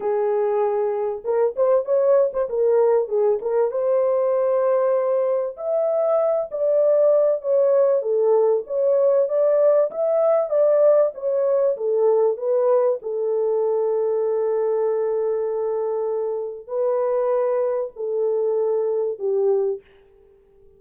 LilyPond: \new Staff \with { instrumentName = "horn" } { \time 4/4 \tempo 4 = 97 gis'2 ais'8 c''8 cis''8. c''16 | ais'4 gis'8 ais'8 c''2~ | c''4 e''4. d''4. | cis''4 a'4 cis''4 d''4 |
e''4 d''4 cis''4 a'4 | b'4 a'2.~ | a'2. b'4~ | b'4 a'2 g'4 | }